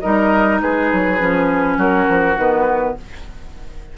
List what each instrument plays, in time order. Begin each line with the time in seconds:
0.00 bassoon G3, clarinet D#4, oboe A#4, flute D#5
0.61 bassoon G#3, oboe G#4, flute B4
0.92 bassoon F#3
1.18 bassoon F3, clarinet C#4
1.77 bassoon F#3, oboe F#4, flute A#4
2.08 bassoon F3
2.36 bassoon D#3, clarinet B3, flute B4